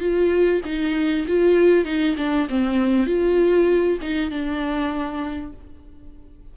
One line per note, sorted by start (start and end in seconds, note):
0.00 0.61 F4
0.65 1.26 D#4
1.28 1.85 F4
1.85 2.16 D#4
2.18 2.48 D4
2.49 3.07 C4
3.07 3.99 F4
4.02 4.31 D#4
4.31 5.53 D4